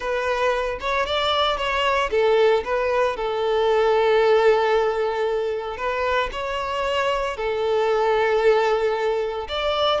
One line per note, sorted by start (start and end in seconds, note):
0.00 0.78 B4
0.80 1.06 C#5
1.06 1.57 D5
1.57 2.09 C#5
2.11 2.63 A4
2.64 3.16 B4
3.16 5.77 A4
5.77 6.29 B4
6.32 7.37 C#5
7.37 9.47 A4
9.48 10.00 D5